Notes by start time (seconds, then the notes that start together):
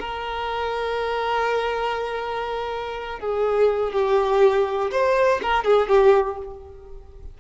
0.00 A#4
3.20 G#4
3.93 G4
4.91 C5
5.43 A#4
5.64 G#4
5.88 G4